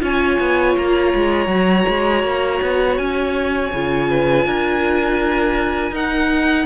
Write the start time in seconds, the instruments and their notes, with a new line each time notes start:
0.00 cello C#4, viola F4, violin C#5 G#5
0.40 cello B3
0.77 cello A#3, violin A#5
1.15 cello G#3
1.47 cello F#3, viola F#4
1.88 cello G#3
2.24 cello A#3
2.62 cello B3
2.98 cello C#4, violin G#5
3.74 cello C#3, viola F4
4.10 violin B4
4.46 cello D4, violin A#4
5.92 cello D#4, viola D#4, violin F#5